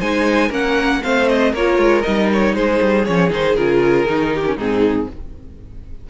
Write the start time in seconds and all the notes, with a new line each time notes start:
0.00 G#3 D#4 C5 G#5
0.49 A#3 C#4 A#4 F#5
1.04 A3 C4 C5 F5
1.29 D#5
1.53 A#3 F4 A#4 C#5
1.78 G#3
2.03 G3 D#4 D#5
2.33 C#5
2.55 G#3 G#4 C5
2.83 G3
3.06 F3 C#4 C#5
3.31 D#3 D#4 C5
3.56 C#3 F4 A#4
4.07 D#3 D#4
4.34 G4
4.46 C#4
4.57 G#2 C4 D#4 G#4